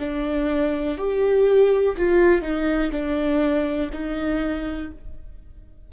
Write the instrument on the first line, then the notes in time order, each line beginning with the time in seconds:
viola
0.00 D4
0.98 G4
1.98 F4
2.42 D#4
2.92 D4
3.93 D#4